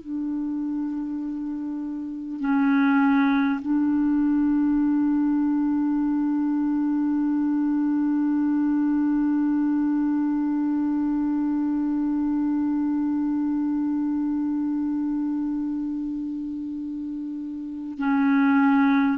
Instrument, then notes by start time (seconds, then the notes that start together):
clarinet
0.00 D4
2.39 C#4
3.61 D4
17.98 C#4